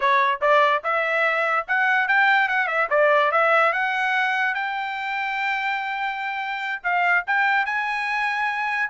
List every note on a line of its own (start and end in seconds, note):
0.00 0.40 C#5
0.41 0.82 D5
0.83 1.66 E5
1.67 2.07 F#5
2.07 2.48 G5
2.48 2.67 F#5
2.67 2.88 E5
2.90 3.31 D5
3.31 3.72 E5
3.73 4.54 F#5
4.54 6.81 G5
6.83 7.24 F5
7.26 7.65 G5
7.65 8.89 G#5